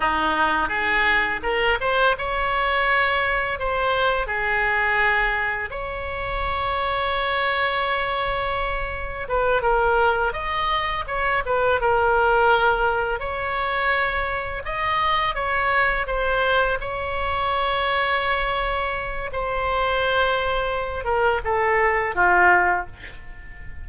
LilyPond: \new Staff \with { instrumentName = "oboe" } { \time 4/4 \tempo 4 = 84 dis'4 gis'4 ais'8 c''8 cis''4~ | cis''4 c''4 gis'2 | cis''1~ | cis''4 b'8 ais'4 dis''4 cis''8 |
b'8 ais'2 cis''4.~ | cis''8 dis''4 cis''4 c''4 cis''8~ | cis''2. c''4~ | c''4. ais'8 a'4 f'4 | }